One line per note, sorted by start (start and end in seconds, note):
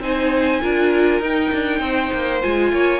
0.00 0.60 C4
0.00 0.61 D#4
0.00 0.61 C5
0.00 1.23 G#5
0.61 1.20 D4
0.61 1.22 F4
0.61 1.81 A#4
1.20 1.50 D#4
1.20 2.42 D#4
1.20 2.42 G5
1.53 1.80 D4
1.80 2.10 C4
1.80 2.72 C5
2.13 2.43 A#3
2.42 2.72 G#3
2.42 3.00 F4
2.42 3.00 G#5
2.72 3.00 A#3
2.72 3.00 C#5